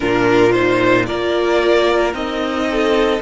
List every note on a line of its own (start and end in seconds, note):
0.00 1.09 A#2
0.00 0.52 D4
0.00 1.06 F4
0.00 0.52 A#4
0.52 1.07 D#4
0.52 1.05 C5
1.06 2.13 A#3
1.06 2.13 F4
1.06 2.66 A#4
1.06 2.13 D5
2.13 3.21 C4
2.13 3.20 D#4
2.13 3.21 D#5
2.70 3.21 A4